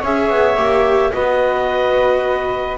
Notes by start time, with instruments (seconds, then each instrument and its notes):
0.00 double bass C#4, viola G#4, flute C#5, clarinet E5
0.29 double bass B3
0.56 double bass A#3, viola G4
1.12 double bass B3, viola F#4, flute B4, clarinet D#5